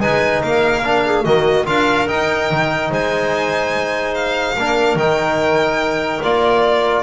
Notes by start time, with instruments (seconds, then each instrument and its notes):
0.00 double bass G#3, trombone D#4, clarinet B4, violin G#5
0.42 double bass A#3, clarinet A#4, violin F5
0.84 trombone D4
1.06 clarinet G#4
1.23 double bass D#3, trombone A#3, clarinet F#4, violin D#5
1.65 double bass D4, trombone F4, clarinet A#4, violin F5
2.07 trombone D#4, double bass D#4, violin G5
2.51 double bass D#3
2.90 double bass G#3, clarinet C5, violin G#5
4.14 violin F5
4.57 double bass A#3, trombone D4, clarinet A#4
4.95 double bass D#3, trombone D#4, violin G5
6.23 double bass A#3, trombone F4, violin D5